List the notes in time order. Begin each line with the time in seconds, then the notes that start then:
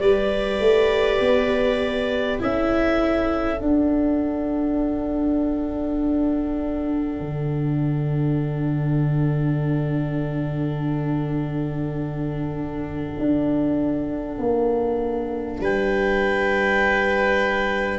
0.00 G3 G4 B4 D5
0.60 A3
1.20 B3
2.40 C#4 E4 A4 E5
3.60 D4 F#5
7.20 D3
13.19 D4
14.39 A#3
15.60 G3 B4 G5